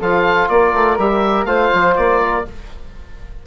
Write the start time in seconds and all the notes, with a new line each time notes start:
0.00 F3 F4 A4 F5
0.49 A#3 A#4 D5
0.74 A3
0.98 G3 G4 E5
1.45 A3 F4 C5 F5
1.74 F3
1.97 A#3 D5
2.22 A#4